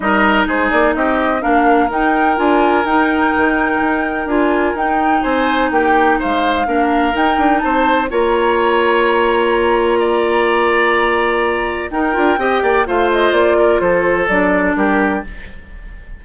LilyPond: <<
  \new Staff \with { instrumentName = "flute" } { \time 4/4 \tempo 4 = 126 dis''4 c''8 d''8 dis''4 f''4 | g''4 gis''4 g''2~ | g''4 gis''4 g''4 gis''4 | g''4 f''2 g''4 |
a''4 ais''2.~ | ais''1~ | ais''4 g''2 f''8 dis''8 | d''4 c''4 d''4 ais'4 | }
  \new Staff \with { instrumentName = "oboe" } { \time 4/4 ais'4 gis'4 g'4 ais'4~ | ais'1~ | ais'2. c''4 | g'4 c''4 ais'2 |
c''4 cis''2.~ | cis''4 d''2.~ | d''4 ais'4 dis''8 d''8 c''4~ | c''8 ais'8 a'2 g'4 | }
  \new Staff \with { instrumentName = "clarinet" } { \time 4/4 dis'2. d'4 | dis'4 f'4 dis'2~ | dis'4 f'4 dis'2~ | dis'2 d'4 dis'4~ |
dis'4 f'2.~ | f'1~ | f'4 dis'8 f'8 g'4 f'4~ | f'2 d'2 | }
  \new Staff \with { instrumentName = "bassoon" } { \time 4/4 g4 gis8 ais8 c'4 ais4 | dis'4 d'4 dis'4 dis4 | dis'4 d'4 dis'4 c'4 | ais4 gis4 ais4 dis'8 d'8 |
c'4 ais2.~ | ais1~ | ais4 dis'8 d'8 c'8 ais8 a4 | ais4 f4 fis4 g4 | }
>>